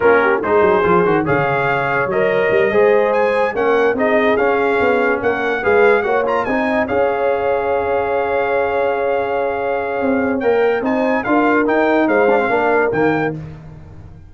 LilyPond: <<
  \new Staff \with { instrumentName = "trumpet" } { \time 4/4 \tempo 4 = 144 ais'4 c''2 f''4~ | f''4 dis''2~ dis''8 gis''8~ | gis''8 fis''4 dis''4 f''4.~ | f''8 fis''4 f''4 fis''8 ais''8 gis''8~ |
gis''8 f''2.~ f''8~ | f''1~ | f''4 g''4 gis''4 f''4 | g''4 f''2 g''4 | }
  \new Staff \with { instrumentName = "horn" } { \time 4/4 f'8 g'8 gis'2 cis''4~ | cis''2~ cis''8 c''4.~ | c''8 ais'4 gis'2~ gis'8~ | gis'8 ais'4 b'4 cis''4 dis''8~ |
dis''8 cis''2.~ cis''8~ | cis''1~ | cis''2 c''4 ais'4~ | ais'4 c''4 ais'2 | }
  \new Staff \with { instrumentName = "trombone" } { \time 4/4 cis'4 dis'4 f'8 fis'8 gis'4~ | gis'4 ais'4. gis'4.~ | gis'8 cis'4 dis'4 cis'4.~ | cis'4. gis'4 fis'8 f'8 dis'8~ |
dis'8 gis'2.~ gis'8~ | gis'1~ | gis'4 ais'4 dis'4 f'4 | dis'4. d'16 c'16 d'4 ais4 | }
  \new Staff \with { instrumentName = "tuba" } { \time 4/4 ais4 gis8 fis8 f8 dis8 cis4~ | cis4 fis4 g8 gis4.~ | gis8 ais4 c'4 cis'4 b8~ | b8 ais4 gis4 ais4 c'8~ |
c'8 cis'2.~ cis'8~ | cis'1 | c'4 ais4 c'4 d'4 | dis'4 gis4 ais4 dis4 | }
>>